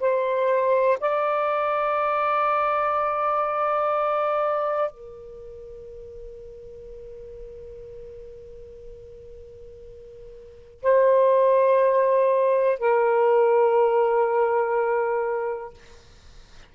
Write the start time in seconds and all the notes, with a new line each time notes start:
0.00 C5
1.01 D5
4.91 A#4
10.82 C5
12.79 A#4